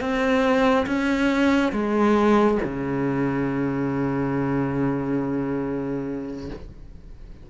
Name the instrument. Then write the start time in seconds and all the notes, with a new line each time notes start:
cello
0.00 C4
0.86 C#4
1.72 G#3
2.63 C#3